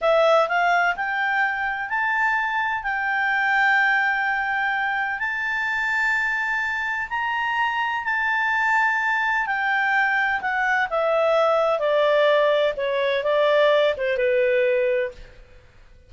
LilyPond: \new Staff \with { instrumentName = "clarinet" } { \time 4/4 \tempo 4 = 127 e''4 f''4 g''2 | a''2 g''2~ | g''2. a''4~ | a''2. ais''4~ |
ais''4 a''2. | g''2 fis''4 e''4~ | e''4 d''2 cis''4 | d''4. c''8 b'2 | }